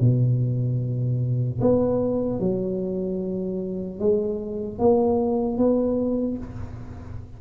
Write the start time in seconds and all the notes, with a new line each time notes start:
0.00 B2
1.61 B3
2.40 F#3
4.00 G#3
4.79 A#3
5.57 B3